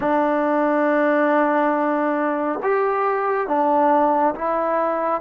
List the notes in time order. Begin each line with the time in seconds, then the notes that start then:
0.00 D4
2.62 G4
3.47 D4
4.34 E4